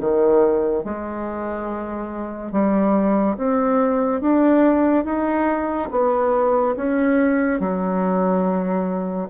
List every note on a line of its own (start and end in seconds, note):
0.00 0.84 D#3
0.84 2.52 G#3
2.52 3.36 G3
3.37 4.21 C4
4.21 5.04 D4
5.04 5.89 D#4
5.91 6.75 B3
6.76 7.59 C#4
7.59 9.28 F#3